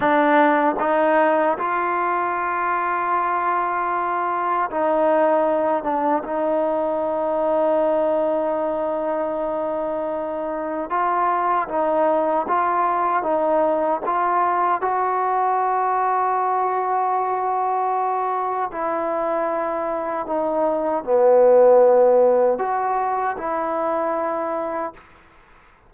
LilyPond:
\new Staff \with { instrumentName = "trombone" } { \time 4/4 \tempo 4 = 77 d'4 dis'4 f'2~ | f'2 dis'4. d'8 | dis'1~ | dis'2 f'4 dis'4 |
f'4 dis'4 f'4 fis'4~ | fis'1 | e'2 dis'4 b4~ | b4 fis'4 e'2 | }